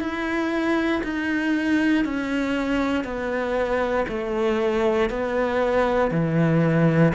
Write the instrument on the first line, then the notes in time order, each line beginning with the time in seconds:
cello
0.00 E4
1.03 D#4
2.04 C#4
3.04 B3
4.08 A3
5.10 B3
6.11 E3